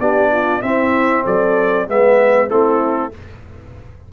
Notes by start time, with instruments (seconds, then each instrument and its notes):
0.00 tuba B3, trombone D4, horn G4, trumpet D5
0.32 horn F4
0.62 trombone C4, tuba C4, horn E4, trumpet E5
1.25 tuba F#3, horn A4, trumpet D5
1.88 tuba G#3, trombone B3, horn B4, trumpet E5
2.49 tuba A3, trombone C4, horn E4, trumpet A4